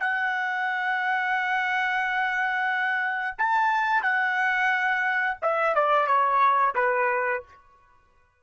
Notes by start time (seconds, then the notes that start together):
0.00 F#5
3.38 A5
4.03 F#5
5.42 E5
5.75 D5
6.07 C#5
6.75 B4